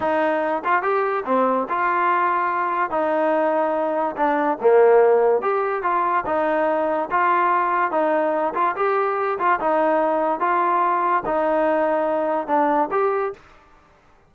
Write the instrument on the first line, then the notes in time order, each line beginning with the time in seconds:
trombone
0.00 D#4
0.64 F4
0.82 G4
1.25 C4
1.69 F4
2.90 D#4
4.16 D4
4.60 A#3
5.41 G4
5.82 F4
6.25 D#4
7.10 F4
7.91 D#4
8.54 F4
8.76 G4
9.38 F4
9.59 D#4
10.40 F4
11.25 D#4
12.47 D4
12.91 G4